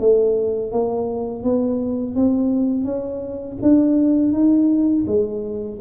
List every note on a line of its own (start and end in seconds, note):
0.00 0.72 A3
0.72 1.43 A#3
1.43 2.16 B3
2.16 2.85 C4
2.85 3.57 C#4
3.62 4.33 D4
4.33 5.05 D#4
5.07 5.79 G#3